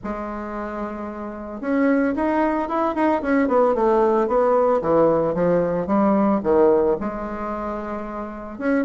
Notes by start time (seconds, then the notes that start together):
0.03 G#3
1.60 C#4
2.15 D#4
2.68 E4
2.95 D#4
3.21 C#4
3.48 B3
3.74 A3
4.27 B3
4.81 E3
5.34 F3
5.86 G3
6.43 D#3
7.00 G#3
8.58 C#4